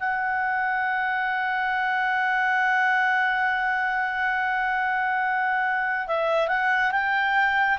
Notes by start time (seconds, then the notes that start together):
0.00 F#5
6.08 E5
6.48 F#5
6.92 G5